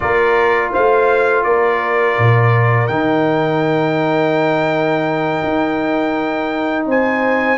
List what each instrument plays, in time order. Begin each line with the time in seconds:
0.00 tuba A#3, trombone F4, horn A#4, trumpet D5
0.72 tuba A3, horn C5, trumpet F5
1.43 tuba A#3, horn A#4, trumpet D5
2.18 tuba A#2
2.87 tuba D#3, trombone D#4, trumpet G5
5.43 tuba D#4
6.85 tuba C4, horn C5, trumpet G#5